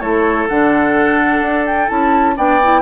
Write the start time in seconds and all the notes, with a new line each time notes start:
0.00 A3 E4 A4 C#5
0.48 D3 D4 F#5
1.42 D4
1.66 G5
1.88 C#4 E4 A5
2.37 B3 D4 D5 G5
2.63 E4